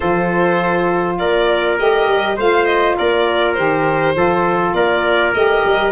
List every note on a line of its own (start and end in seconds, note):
0.00 1.20 F3
0.00 1.77 F4
0.00 1.17 A4
0.00 1.18 C5
1.18 1.79 A#3
1.18 2.36 A#4
1.18 1.77 D5
1.77 2.08 A3
1.77 2.37 G4
1.77 2.38 D#5
2.08 2.37 G3
2.36 2.97 A3
2.36 3.56 F4
2.36 2.96 C5
2.36 2.65 F5
2.65 2.95 D#5
2.97 3.57 A#3
2.97 4.16 A#4
2.97 3.53 D5
3.53 4.15 D#3
3.53 4.14 G4
3.53 4.72 C5
4.14 4.73 F3
4.14 5.33 F4
4.14 4.75 A4
4.73 5.33 A#3
4.73 5.91 A#4
4.73 5.33 D5
5.34 5.64 A3
5.34 5.91 G4
5.34 5.91 D#5
5.64 5.91 G3